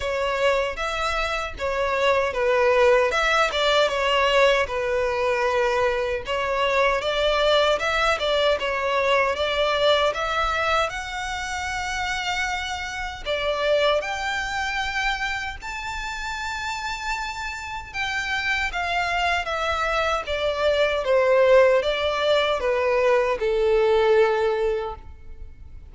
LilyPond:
\new Staff \with { instrumentName = "violin" } { \time 4/4 \tempo 4 = 77 cis''4 e''4 cis''4 b'4 | e''8 d''8 cis''4 b'2 | cis''4 d''4 e''8 d''8 cis''4 | d''4 e''4 fis''2~ |
fis''4 d''4 g''2 | a''2. g''4 | f''4 e''4 d''4 c''4 | d''4 b'4 a'2 | }